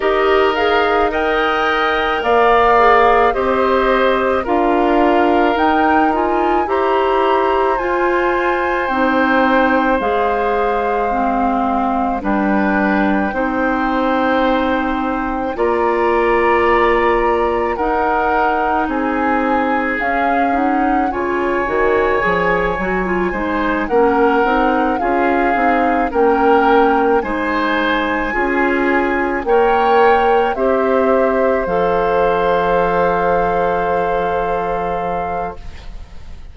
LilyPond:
<<
  \new Staff \with { instrumentName = "flute" } { \time 4/4 \tempo 4 = 54 dis''8 f''8 g''4 f''4 dis''4 | f''4 g''8 gis''8 ais''4 gis''4 | g''4 f''2 g''4~ | g''2 ais''2 |
fis''4 gis''4 f''8 fis''8 gis''4~ | gis''4. fis''4 f''4 g''8~ | g''8 gis''2 g''4 e''8~ | e''8 f''2.~ f''8 | }
  \new Staff \with { instrumentName = "oboe" } { \time 4/4 ais'4 dis''4 d''4 c''4 | ais'2 c''2~ | c''2. b'4 | c''2 d''2 |
ais'4 gis'2 cis''4~ | cis''4 c''8 ais'4 gis'4 ais'8~ | ais'8 c''4 gis'4 cis''4 c''8~ | c''1 | }
  \new Staff \with { instrumentName = "clarinet" } { \time 4/4 g'8 gis'8 ais'4. gis'8 g'4 | f'4 dis'8 f'8 g'4 f'4 | dis'4 gis'4 c'4 d'4 | dis'2 f'2 |
dis'2 cis'8 dis'8 f'8 fis'8 | gis'8 fis'16 f'16 dis'8 cis'8 dis'8 f'8 dis'8 cis'8~ | cis'8 dis'4 f'4 ais'4 g'8~ | g'8 a'2.~ a'8 | }
  \new Staff \with { instrumentName = "bassoon" } { \time 4/4 dis'2 ais4 c'4 | d'4 dis'4 e'4 f'4 | c'4 gis2 g4 | c'2 ais2 |
dis'4 c'4 cis'4 cis8 dis8 | f8 fis8 gis8 ais8 c'8 cis'8 c'8 ais8~ | ais8 gis4 cis'4 ais4 c'8~ | c'8 f2.~ f8 | }
>>